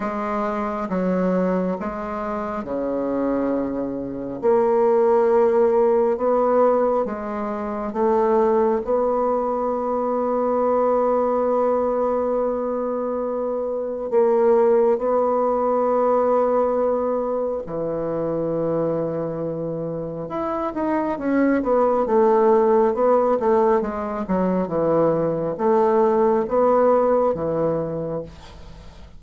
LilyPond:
\new Staff \with { instrumentName = "bassoon" } { \time 4/4 \tempo 4 = 68 gis4 fis4 gis4 cis4~ | cis4 ais2 b4 | gis4 a4 b2~ | b1 |
ais4 b2. | e2. e'8 dis'8 | cis'8 b8 a4 b8 a8 gis8 fis8 | e4 a4 b4 e4 | }